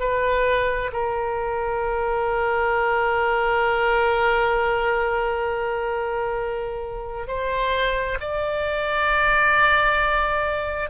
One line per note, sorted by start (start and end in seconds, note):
0.00 0.91 B4
0.93 7.27 A#4
7.27 8.18 C5
8.20 10.90 D5